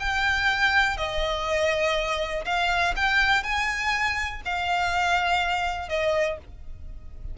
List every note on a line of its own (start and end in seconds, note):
0.00 0.97 G5
0.97 2.45 D#5
2.45 2.95 F5
2.96 3.43 G5
3.43 4.42 G#5
4.46 5.89 F5
5.89 6.38 D#5